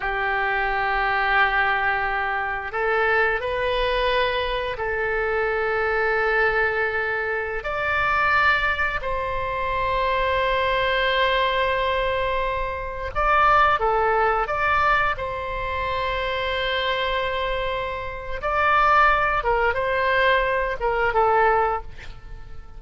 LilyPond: \new Staff \with { instrumentName = "oboe" } { \time 4/4 \tempo 4 = 88 g'1 | a'4 b'2 a'4~ | a'2.~ a'16 d''8.~ | d''4~ d''16 c''2~ c''8.~ |
c''2.~ c''16 d''8.~ | d''16 a'4 d''4 c''4.~ c''16~ | c''2. d''4~ | d''8 ais'8 c''4. ais'8 a'4 | }